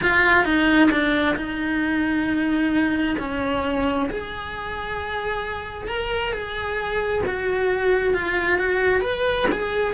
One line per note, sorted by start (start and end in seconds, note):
0.02 0.44 F4
0.44 0.89 D#4
0.90 1.35 D4
1.36 3.16 D#4
3.18 4.09 C#4
4.10 5.87 G#4
5.87 6.32 A#4
6.32 7.23 G#4
7.26 8.13 F#4
8.13 8.58 F4
8.58 9.01 F#4
9.01 9.46 B4
9.51 9.93 G#4